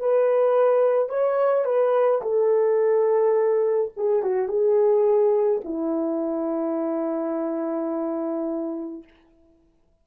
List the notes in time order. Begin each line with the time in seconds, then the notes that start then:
0.00 B4
1.09 C#5
1.65 B4
2.22 A4
3.97 G#4
4.22 F#4
4.48 G#4
5.64 E4